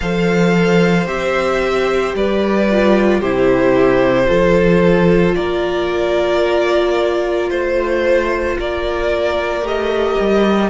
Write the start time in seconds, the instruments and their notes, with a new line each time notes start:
0.00 cello F3, viola A4, violin C5 F5
1.06 cello C4, viola G4, violin E5
2.14 cello G3, violin B4 D5
2.70 viola F4
3.19 cello C3, viola E4, violin G4 C5
4.25 cello F3, viola F4, violin A4
5.34 cello A#3, violin A#4 D5
7.50 cello A3, violin C5
8.58 cello A#3, violin A#4 D5
9.61 cello A3, viola G4, violin D#5
10.20 cello G3